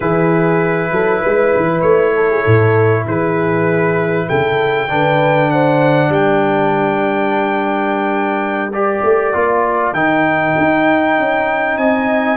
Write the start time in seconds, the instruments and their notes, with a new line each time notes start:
0.00 tuba E3, trombone E4, horn G#4, trumpet B4
0.91 tuba F#3, horn A4
1.21 tuba G#3, horn B4
1.56 tuba E3
1.81 tuba A3, trumpet C#5
2.15 horn A4
2.30 horn G#4
2.42 tuba A2, horn A4
3.05 tuba E3, horn G#4, trumpet B4
4.27 tuba C#3, horn A4, trumpet G5
4.88 tuba D3, trombone D4, horn B4
5.50 horn C5, trumpet F#5
6.08 tuba G3, horn A#4, trumpet G5
8.72 trombone G4, trumpet D5
9.03 tuba A3
9.33 tuba A#3, trombone F4
9.92 tuba D#3, trombone D#4, trumpet G5
10.58 tuba D#4
11.18 tuba C#4
11.77 tuba C4, horn D#5, trumpet G#5